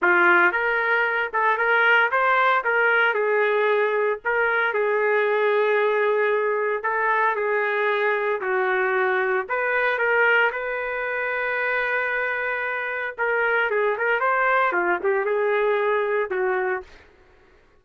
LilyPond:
\new Staff \with { instrumentName = "trumpet" } { \time 4/4 \tempo 4 = 114 f'4 ais'4. a'8 ais'4 | c''4 ais'4 gis'2 | ais'4 gis'2.~ | gis'4 a'4 gis'2 |
fis'2 b'4 ais'4 | b'1~ | b'4 ais'4 gis'8 ais'8 c''4 | f'8 g'8 gis'2 fis'4 | }